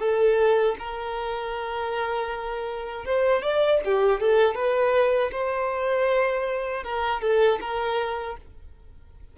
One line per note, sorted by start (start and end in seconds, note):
0.00 0.76 A4
0.79 3.06 A#4
3.06 3.43 C5
3.43 3.81 D5
3.85 4.21 G4
4.21 4.55 A4
4.55 5.31 B4
5.32 6.84 C5
6.84 7.22 A#4
7.22 7.59 A4
7.61 8.37 A#4